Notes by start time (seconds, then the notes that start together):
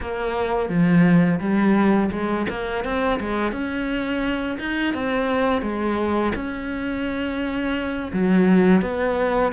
0.01 A#3
0.69 F3
1.40 G3
2.11 G#3
2.49 A#3
2.84 C4
3.20 G#3
3.52 C#4
4.59 D#4
4.93 C4
5.61 G#3
6.35 C#4
8.12 F#3
8.81 B3